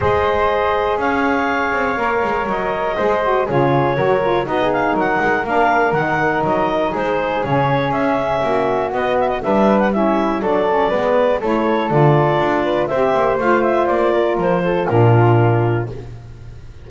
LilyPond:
<<
  \new Staff \with { instrumentName = "clarinet" } { \time 4/4 \tempo 4 = 121 dis''2 f''2~ | f''4 dis''2 cis''4~ | cis''4 dis''8 f''8 fis''4 f''4 | fis''4 dis''4 c''4 cis''4 |
e''2 dis''8 e''16 dis''16 e''8. fis''16 | e''4 d''2 cis''4 | d''2 e''4 f''8 e''8 | d''4 c''4 ais'2 | }
  \new Staff \with { instrumentName = "flute" } { \time 4/4 c''2 cis''2~ | cis''2 c''4 gis'4 | ais'4 fis'16 gis'8. ais'2~ | ais'2 gis'2~ |
gis'4 fis'2 b'4 | e'4 a'4 b'4 a'4~ | a'4. b'8 c''2~ | c''8 ais'4 a'8 f'2 | }
  \new Staff \with { instrumentName = "saxophone" } { \time 4/4 gis'1 | ais'2 gis'8 fis'8 f'4 | fis'8 f'8 dis'2 d'4 | dis'2. cis'4~ |
cis'2 b4 d'4 | cis'4 d'8 cis'8 b4 e'4 | f'2 g'4 f'4~ | f'2 d'2 | }
  \new Staff \with { instrumentName = "double bass" } { \time 4/4 gis2 cis'4. c'8 | ais8 gis8 fis4 gis4 cis4 | fis4 b4 fis8 gis8 ais4 | dis4 fis4 gis4 cis4 |
cis'4 ais4 b4 g4~ | g4 fis4 gis4 a4 | d4 d'4 c'8 ais8 a4 | ais4 f4 ais,2 | }
>>